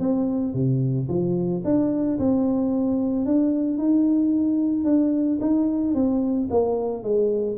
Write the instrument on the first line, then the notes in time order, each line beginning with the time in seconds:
tuba
0.00 C4
0.54 C3
1.09 F3
1.65 D4
2.19 C4
3.26 D4
3.78 D#4
4.85 D4
5.41 D#4
5.95 C4
6.51 A#3
7.03 G#3